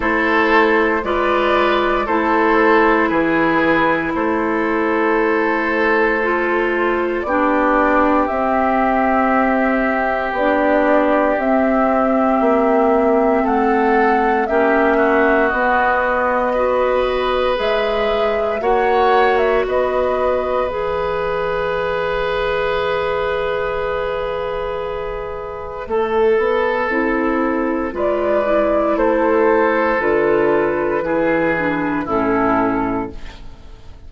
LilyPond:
<<
  \new Staff \with { instrumentName = "flute" } { \time 4/4 \tempo 4 = 58 c''4 d''4 c''4 b'4 | c''2. d''4 | e''2 d''4 e''4~ | e''4 fis''4 e''4 dis''4~ |
dis''4 e''4 fis''8. e''16 dis''4 | e''1~ | e''2. d''4 | c''4 b'2 a'4 | }
  \new Staff \with { instrumentName = "oboe" } { \time 4/4 a'4 b'4 a'4 gis'4 | a'2. g'4~ | g'1~ | g'4 a'4 g'8 fis'4. |
b'2 cis''4 b'4~ | b'1~ | b'4 a'2 b'4 | a'2 gis'4 e'4 | }
  \new Staff \with { instrumentName = "clarinet" } { \time 4/4 e'4 f'4 e'2~ | e'2 f'4 d'4 | c'2 d'4 c'4~ | c'2 cis'4 b4 |
fis'4 gis'4 fis'2 | gis'1~ | gis'4 a'4 e'4 f'8 e'8~ | e'4 f'4 e'8 d'8 cis'4 | }
  \new Staff \with { instrumentName = "bassoon" } { \time 4/4 a4 gis4 a4 e4 | a2. b4 | c'2 b4 c'4 | ais4 a4 ais4 b4~ |
b4 gis4 ais4 b4 | e1~ | e4 a8 b8 c'4 gis4 | a4 d4 e4 a,4 | }
>>